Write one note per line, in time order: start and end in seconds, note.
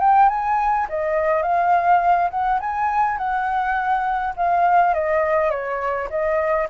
0.00 0.29 G5
0.29 0.87 G#5
0.89 1.42 D#5
1.42 2.30 F5
2.31 2.60 F#5
2.60 3.18 G#5
3.18 4.34 F#5
4.37 4.94 F5
4.94 5.50 D#5
5.50 6.08 C#5
6.10 6.68 D#5